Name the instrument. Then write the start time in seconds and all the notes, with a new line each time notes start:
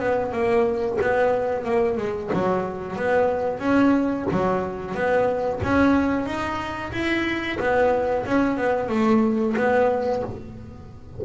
double bass
0.00 B3
0.33 A#3
1.01 B3
1.65 A#3
1.98 G#3
2.33 F#3
2.97 B3
3.60 C#4
4.32 F#3
4.95 B3
5.64 C#4
6.26 D#4
6.93 E4
7.60 B3
8.26 C#4
8.58 B3
8.90 A3
9.57 B3